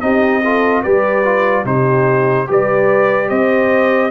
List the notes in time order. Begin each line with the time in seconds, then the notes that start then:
0.00 C4 D#4 G4 D#5
0.43 F4 A4
0.82 G3 G4 B4 D5
1.24 F4
1.65 C3 D#4 G4 C5
2.47 G3 G4 B4 D5
3.28 C4 C5 D#5